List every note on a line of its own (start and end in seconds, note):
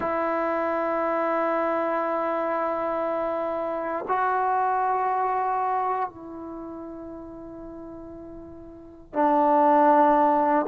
0.00 4.04 E4
4.08 6.09 F#4
6.09 9.13 E4
9.13 10.65 D4